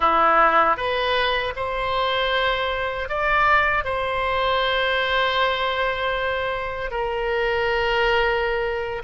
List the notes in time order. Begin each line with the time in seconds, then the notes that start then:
0.00 E4
0.77 B4
1.56 C5
3.08 D5
3.84 C5
6.90 A#4